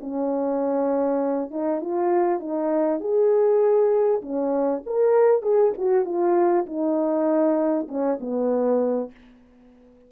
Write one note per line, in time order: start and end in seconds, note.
0.00 1.50 C#4
1.50 1.81 D#4
1.81 2.40 F4
2.40 3.00 D#4
3.00 4.21 G#4
4.21 4.82 C#4
4.86 5.42 A#4
5.42 5.72 G#4
5.78 6.05 F#4
6.05 6.66 F4
6.66 7.87 D#4
7.88 8.18 C#4
8.20 9.11 B3